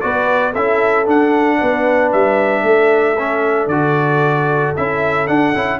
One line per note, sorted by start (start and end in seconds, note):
0.00 0.55 B3
0.00 0.53 F#4
0.00 0.52 B4
0.00 0.53 D5
0.52 1.07 C#4
0.52 1.05 E4
0.52 1.57 A4
0.52 1.07 E5
1.05 3.16 D4
1.05 1.60 D4
1.05 2.12 F#5
1.58 2.13 B3
1.58 2.64 B4
2.12 2.63 G3
2.12 3.68 E5
2.63 3.67 A3
2.63 5.80 A4
3.18 3.71 C#4
3.67 4.72 D3
3.67 4.76 F#4
3.67 4.73 D5
4.76 5.28 C#4
4.76 5.27 E4
4.76 5.27 E5
5.27 5.54 D4
5.27 5.55 D4
5.27 5.79 F#5
5.54 5.80 C#4
5.54 5.80 E4